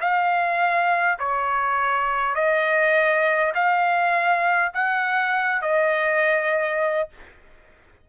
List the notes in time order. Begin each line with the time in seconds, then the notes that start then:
0.00 F5
1.19 C#5
2.35 D#5
3.55 F5
4.74 F#5
5.61 D#5